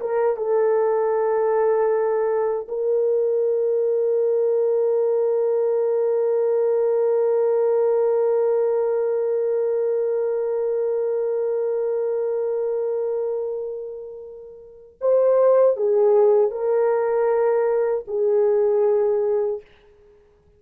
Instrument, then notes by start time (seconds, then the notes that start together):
horn
0.00 A#4
0.37 A4
2.68 A#4
15.01 C5
15.77 G#4
16.51 A#4
18.07 G#4